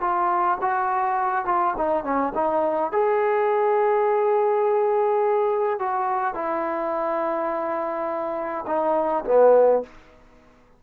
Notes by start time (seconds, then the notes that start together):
0.00 F4
0.61 F#4
1.45 F4
1.77 D#4
2.03 C#4
2.35 D#4
2.92 G#4
5.79 F#4
6.34 E4
8.67 D#4
9.25 B3